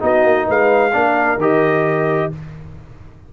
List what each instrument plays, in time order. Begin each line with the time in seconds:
0.00 tuba B3, trombone D#4, horn F#4, trumpet D#5
0.24 tuba A#3
0.47 tuba G#3, horn B4, trumpet F5
0.93 tuba A#3, trombone D4, horn A#4
1.37 tuba D#3, trombone G4, trumpet D#5